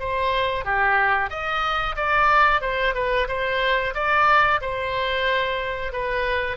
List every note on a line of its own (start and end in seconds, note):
0.00 0.65 C5
0.65 1.30 G4
1.30 1.96 D#5
1.96 2.62 D5
2.62 2.95 C5
2.95 3.28 B4
3.28 3.94 C5
3.95 4.61 D5
4.62 5.93 C5
5.93 6.57 B4